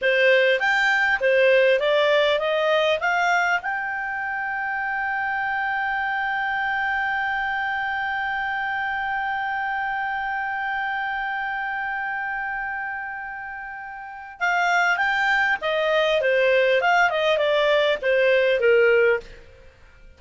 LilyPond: \new Staff \with { instrumentName = "clarinet" } { \time 4/4 \tempo 4 = 100 c''4 g''4 c''4 d''4 | dis''4 f''4 g''2~ | g''1~ | g''1~ |
g''1~ | g''1 | f''4 g''4 dis''4 c''4 | f''8 dis''8 d''4 c''4 ais'4 | }